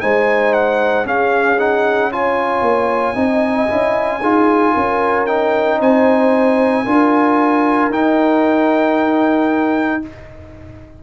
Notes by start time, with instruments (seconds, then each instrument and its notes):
0.00 tuba G#3, trombone D#4, horn C5, trumpet G#5
0.53 trumpet F#5
1.04 trombone C#4, tuba C#4, horn G#4, trumpet F5
1.59 trombone D#4, trumpet F#5
2.11 trombone F4, horn C#5, trumpet G#5
2.61 tuba A#3
3.14 tuba C4, trombone D#4, horn D#5
3.68 tuba C#4, trombone E4
4.20 tuba D#4, trombone F4, horn G#4
4.73 tuba C#4, horn A#4
5.26 trombone D#4, trumpet G5
5.78 tuba C4, horn C5, trumpet G#5
6.85 tuba D4, trombone F4, horn A#4
7.89 tuba D#4, trombone D#4, trumpet G5